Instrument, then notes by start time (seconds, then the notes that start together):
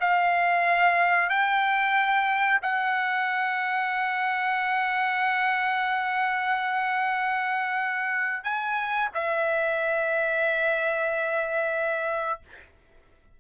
trumpet
0.00 F5
1.30 G5
2.62 F#5
8.44 G#5
9.14 E5